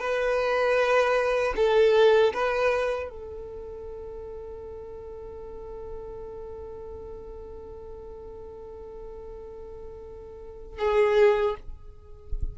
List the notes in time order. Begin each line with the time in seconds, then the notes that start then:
0.00 B4
1.56 A4
2.34 B4
3.10 A4
10.78 G#4